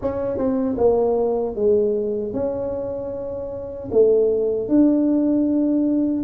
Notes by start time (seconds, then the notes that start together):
0.01 C#4
0.37 C4
0.77 A#3
1.55 G#3
2.33 C#4
3.91 A3
4.68 D4